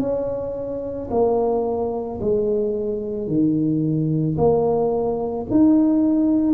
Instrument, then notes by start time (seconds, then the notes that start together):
tuba
0.00 C#4
1.10 A#3
2.21 G#3
3.27 D#3
4.37 A#3
5.50 D#4